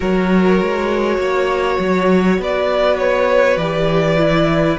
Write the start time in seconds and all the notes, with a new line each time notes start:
0.00 F#3 F#4 A#4 C#5
0.61 G#3
1.18 A#3 C#5
1.78 F#3
2.38 B3 B4 D5
2.98 C#5
3.56 E3 G4 D5
4.17 E4